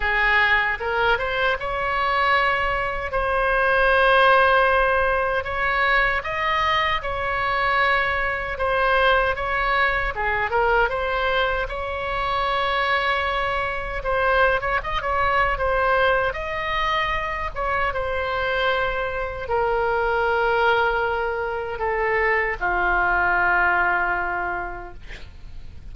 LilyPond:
\new Staff \with { instrumentName = "oboe" } { \time 4/4 \tempo 4 = 77 gis'4 ais'8 c''8 cis''2 | c''2. cis''4 | dis''4 cis''2 c''4 | cis''4 gis'8 ais'8 c''4 cis''4~ |
cis''2 c''8. cis''16 dis''16 cis''8. | c''4 dis''4. cis''8 c''4~ | c''4 ais'2. | a'4 f'2. | }